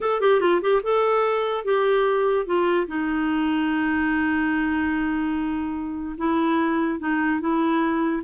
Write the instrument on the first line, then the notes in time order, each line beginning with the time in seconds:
clarinet
0.01 A4
0.20 G4
0.40 F4
0.61 G4
0.83 A4
1.64 G4
2.45 F4
2.87 D#4
6.17 E4
6.99 D#4
7.40 E4